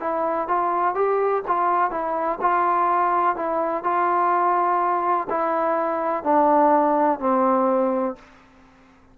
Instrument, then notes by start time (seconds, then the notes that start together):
trombone
0.00 E4
0.48 F4
0.95 G4
1.47 F4
1.91 E4
2.41 F4
3.36 E4
3.83 F4
5.30 E4
6.24 D4
7.19 C4